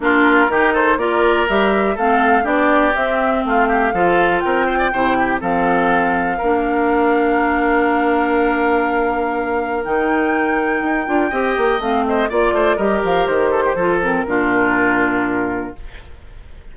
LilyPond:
<<
  \new Staff \with { instrumentName = "flute" } { \time 4/4 \tempo 4 = 122 ais'4. c''8 d''4 e''4 | f''4 d''4 e''4 f''4~ | f''4 g''2 f''4~ | f''1~ |
f''1 | g''1 | f''8 dis''8 d''4 dis''8 f''8 c''4~ | c''8 ais'2.~ ais'8 | }
  \new Staff \with { instrumentName = "oboe" } { \time 4/4 f'4 g'8 a'8 ais'2 | a'4 g'2 f'8 g'8 | a'4 ais'8 c''16 d''16 c''8 g'8 a'4~ | a'4 ais'2.~ |
ais'1~ | ais'2. dis''4~ | dis''8 c''8 d''8 c''8 ais'4. a'16 g'16 | a'4 f'2. | }
  \new Staff \with { instrumentName = "clarinet" } { \time 4/4 d'4 dis'4 f'4 g'4 | c'4 d'4 c'2 | f'2 e'4 c'4~ | c'4 d'2.~ |
d'1 | dis'2~ dis'8 f'8 g'4 | c'4 f'4 g'2 | f'8 c'8 d'2. | }
  \new Staff \with { instrumentName = "bassoon" } { \time 4/4 ais4 dis4 ais4 g4 | a4 b4 c'4 a4 | f4 c'4 c4 f4~ | f4 ais2.~ |
ais1 | dis2 dis'8 d'8 c'8 ais8 | a4 ais8 a8 g8 f8 dis4 | f4 ais,2. | }
>>